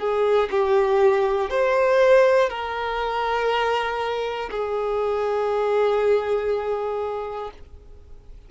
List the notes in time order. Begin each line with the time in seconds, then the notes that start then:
0.00 G#4
0.51 G4
1.51 C5
2.50 A#4
4.51 G#4